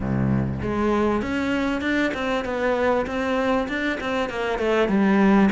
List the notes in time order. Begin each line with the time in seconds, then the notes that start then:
0.00 C2
0.62 G#3
1.22 C#4
1.81 D4
2.14 C4
2.44 B3
3.06 C4
3.68 D4
4.00 C4
4.29 A#3
4.58 A3
4.88 G3